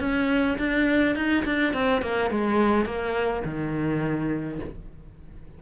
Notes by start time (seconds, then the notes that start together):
0.00 C#4
0.58 D4
1.16 D#4
1.45 D4
1.73 C4
2.02 A#3
2.31 G#3
2.86 A#3
3.45 D#3